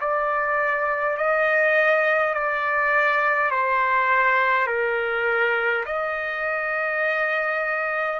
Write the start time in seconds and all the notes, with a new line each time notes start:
0.00 D5
1.17 D#5
2.33 D5
3.51 C5
4.66 A#4
5.86 D#5